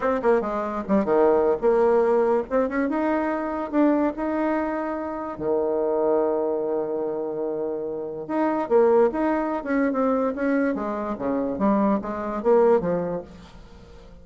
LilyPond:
\new Staff \with { instrumentName = "bassoon" } { \time 4/4 \tempo 4 = 145 c'8 ais8 gis4 g8 dis4~ dis16 g16 | ais2 c'8 cis'8 dis'4~ | dis'4 d'4 dis'2~ | dis'4 dis2.~ |
dis1 | dis'4 ais4 dis'4~ dis'16 cis'8. | c'4 cis'4 gis4 cis4 | g4 gis4 ais4 f4 | }